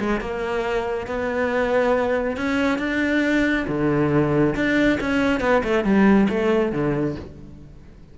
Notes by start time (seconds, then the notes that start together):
0.00 G#3
0.21 A#3
1.07 B3
2.38 C#4
2.79 D4
3.68 D3
4.56 D4
5.01 C#4
5.41 B3
5.64 A3
5.85 G3
6.30 A3
6.73 D3